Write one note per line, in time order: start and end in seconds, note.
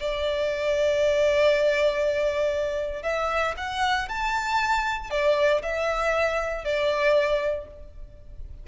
0.00 3.03 D5
3.03 3.55 E5
3.58 4.09 F#5
4.09 5.11 A5
5.11 5.62 D5
5.62 6.65 E5
6.65 7.67 D5